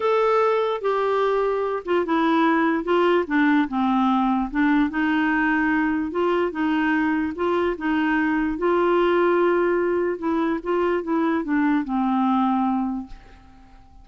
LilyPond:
\new Staff \with { instrumentName = "clarinet" } { \time 4/4 \tempo 4 = 147 a'2 g'2~ | g'8 f'8 e'2 f'4 | d'4 c'2 d'4 | dis'2. f'4 |
dis'2 f'4 dis'4~ | dis'4 f'2.~ | f'4 e'4 f'4 e'4 | d'4 c'2. | }